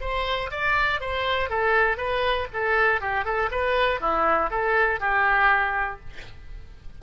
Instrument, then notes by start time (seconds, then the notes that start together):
oboe
0.00 C5
0.50 D5
1.00 C5
1.49 A4
1.97 B4
2.53 A4
3.00 G4
3.24 A4
3.51 B4
4.00 E4
4.50 A4
5.00 G4